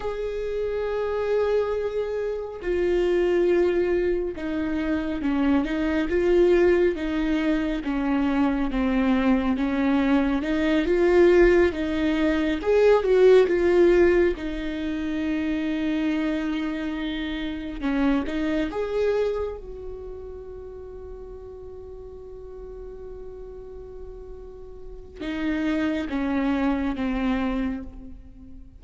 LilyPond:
\new Staff \with { instrumentName = "viola" } { \time 4/4 \tempo 4 = 69 gis'2. f'4~ | f'4 dis'4 cis'8 dis'8 f'4 | dis'4 cis'4 c'4 cis'4 | dis'8 f'4 dis'4 gis'8 fis'8 f'8~ |
f'8 dis'2.~ dis'8~ | dis'8 cis'8 dis'8 gis'4 fis'4.~ | fis'1~ | fis'4 dis'4 cis'4 c'4 | }